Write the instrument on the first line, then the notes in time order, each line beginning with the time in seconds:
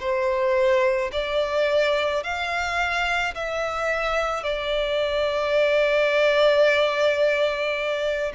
violin
0.00 C5
1.12 D5
2.23 F5
3.34 E5
4.43 D5